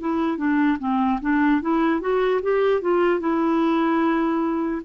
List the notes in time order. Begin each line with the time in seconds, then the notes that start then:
0.00 E4
0.37 D4
0.79 C4
1.21 D4
1.61 E4
2.00 F#4
2.42 G4
2.82 F4
3.20 E4